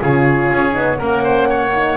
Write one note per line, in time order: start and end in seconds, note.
0.00 0.51 C#3
0.00 0.72 F4
0.00 0.98 G#4
0.00 1.01 C#5
0.52 0.76 C#4
0.72 1.01 B3
0.72 0.96 D#4
0.98 1.97 A#3
0.98 1.72 C#4
0.98 1.23 A#4
0.98 1.97 F#5
1.23 1.48 C5
1.49 1.97 C#5
1.73 1.97 D#4